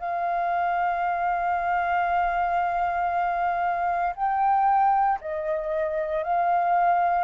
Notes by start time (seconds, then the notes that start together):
0.00 F5
4.16 G5
5.21 D#5
6.24 F5